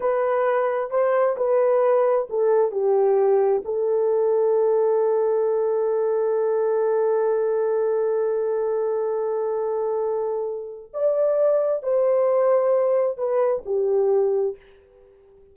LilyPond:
\new Staff \with { instrumentName = "horn" } { \time 4/4 \tempo 4 = 132 b'2 c''4 b'4~ | b'4 a'4 g'2 | a'1~ | a'1~ |
a'1~ | a'1 | d''2 c''2~ | c''4 b'4 g'2 | }